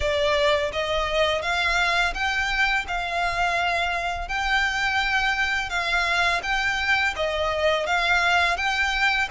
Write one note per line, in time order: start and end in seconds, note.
0.00 0.71 D5
0.72 1.42 D#5
1.42 2.13 F5
2.14 2.85 G5
2.87 4.28 F5
4.28 5.69 G5
5.69 6.41 F5
6.43 7.14 G5
7.16 7.86 D#5
7.86 8.56 F5
8.56 9.28 G5